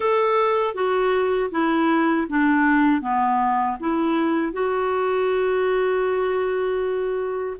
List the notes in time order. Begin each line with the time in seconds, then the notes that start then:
0.00 A4
0.74 F#4
1.51 E4
2.29 D4
3.01 B3
3.80 E4
4.53 F#4